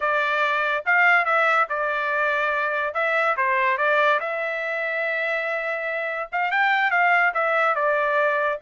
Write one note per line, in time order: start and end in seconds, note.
0.00 0.84 D5
0.85 1.25 F5
1.25 1.67 E5
1.69 2.94 D5
2.94 3.35 E5
3.36 3.77 C5
3.77 4.19 D5
4.20 6.29 E5
6.31 6.51 F5
6.51 6.90 G5
6.90 7.32 F5
7.34 7.75 E5
7.75 8.59 D5